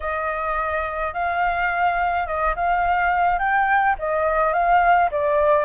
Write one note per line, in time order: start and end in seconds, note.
0.00 1.13 D#5
1.13 2.26 F5
2.26 2.55 D#5
2.55 3.38 F5
3.38 3.95 G5
3.98 4.53 D#5
4.53 5.09 F5
5.11 5.65 D5